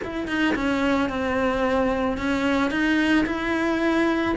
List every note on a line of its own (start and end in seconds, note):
0.03 0.27 E4
0.27 0.54 D#4
0.55 1.09 C#4
1.09 2.17 C4
2.17 2.70 C#4
2.70 3.25 D#4
3.26 4.35 E4